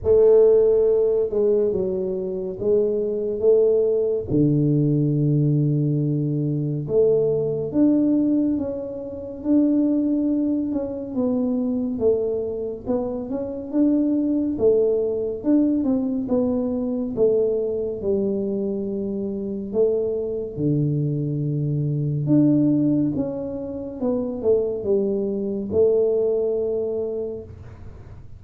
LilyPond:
\new Staff \with { instrumentName = "tuba" } { \time 4/4 \tempo 4 = 70 a4. gis8 fis4 gis4 | a4 d2. | a4 d'4 cis'4 d'4~ | d'8 cis'8 b4 a4 b8 cis'8 |
d'4 a4 d'8 c'8 b4 | a4 g2 a4 | d2 d'4 cis'4 | b8 a8 g4 a2 | }